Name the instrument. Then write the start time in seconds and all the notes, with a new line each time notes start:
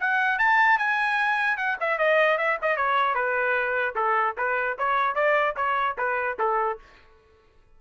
trumpet
0.00 F#5
0.39 A5
0.78 G#5
1.57 F#5
1.80 E5
1.99 D#5
2.38 E5
2.62 D#5
2.77 C#5
3.15 B4
3.95 A4
4.37 B4
4.78 C#5
5.15 D5
5.56 C#5
5.98 B4
6.39 A4